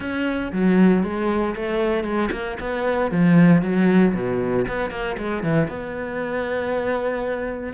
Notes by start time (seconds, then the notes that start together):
0.00 C#4
0.52 F#3
1.03 G#3
1.55 A3
2.03 G#3
2.31 A#3
2.60 B3
3.11 F3
3.62 F#3
4.14 B2
4.68 B3
4.90 A#3
5.17 G#3
5.43 E3
5.68 B3